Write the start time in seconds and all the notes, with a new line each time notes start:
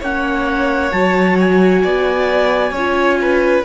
0.00 A#3 C#4 C#5 F#5
0.92 F#3 F#4 A5
1.40 G#5
1.84 B3 D5
2.71 C#4 C#5
2.77 F4
3.22 B4